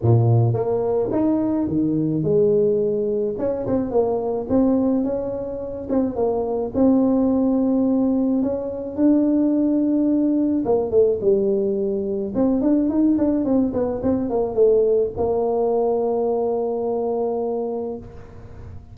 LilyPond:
\new Staff \with { instrumentName = "tuba" } { \time 4/4 \tempo 4 = 107 ais,4 ais4 dis'4 dis4 | gis2 cis'8 c'8 ais4 | c'4 cis'4. c'8 ais4 | c'2. cis'4 |
d'2. ais8 a8 | g2 c'8 d'8 dis'8 d'8 | c'8 b8 c'8 ais8 a4 ais4~ | ais1 | }